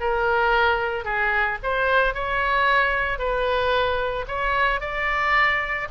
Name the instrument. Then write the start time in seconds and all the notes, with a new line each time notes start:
oboe
0.00 A#4
1.05 G#4
1.63 C5
2.14 C#5
3.18 B4
4.28 C#5
4.80 D5